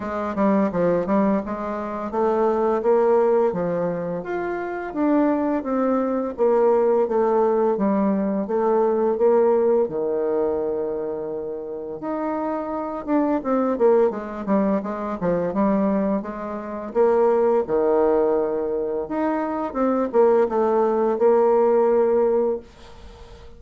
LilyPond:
\new Staff \with { instrumentName = "bassoon" } { \time 4/4 \tempo 4 = 85 gis8 g8 f8 g8 gis4 a4 | ais4 f4 f'4 d'4 | c'4 ais4 a4 g4 | a4 ais4 dis2~ |
dis4 dis'4. d'8 c'8 ais8 | gis8 g8 gis8 f8 g4 gis4 | ais4 dis2 dis'4 | c'8 ais8 a4 ais2 | }